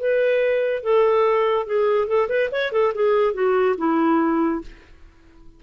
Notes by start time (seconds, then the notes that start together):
0.00 B4
0.84 A4
1.67 G#4
2.08 A4
2.29 B4
2.52 C#5
2.73 A4
2.95 G#4
3.34 F#4
3.78 E4